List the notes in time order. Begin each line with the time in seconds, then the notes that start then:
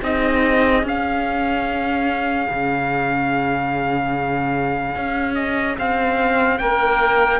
0.00 C4 D#4 G#4 D#5
0.83 C#4 F5
2.50 C#3
4.96 C#4
5.35 D#5
5.78 C4 F5
6.59 A#3 A#4 G5